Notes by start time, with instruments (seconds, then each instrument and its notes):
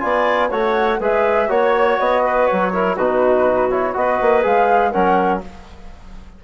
0.00 bassoon B3, trombone F4, clarinet D5, flute G#5
0.49 bassoon A3, trombone F#4, clarinet C#5, flute F#5
1.00 bassoon G#3, trombone G#4, clarinet B4, flute E5
1.49 bassoon A#3, trombone F#4, clarinet C#5, flute C#5
1.99 bassoon B3, flute D#5
2.23 clarinet B4
2.47 bassoon F#3, flute C#5
2.73 trombone E4, clarinet A#4
2.95 bassoon B2, trombone D#4, clarinet F#4, flute B4
3.70 trombone E4, flute C#5
3.94 bassoon B3, trombone F#4, clarinet B4, flute D#5
4.21 bassoon A#3
4.42 bassoon G#3, trombone G#4, flute F5
4.91 bassoon F#3, trombone C#4, clarinet A#4, flute F#5